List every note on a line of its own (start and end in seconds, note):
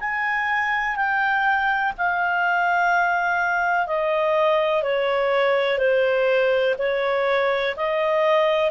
0.00 0.96 G#5
0.96 1.93 G5
1.97 3.86 F5
3.86 4.83 D#5
4.83 5.78 C#5
5.78 6.75 C5
6.78 7.75 C#5
7.76 8.71 D#5